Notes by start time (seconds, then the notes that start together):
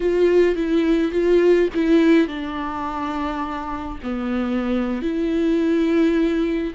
0.00 F4
0.55 E4
1.11 F4
1.74 E4
2.27 D4
4.03 B3
5.02 E4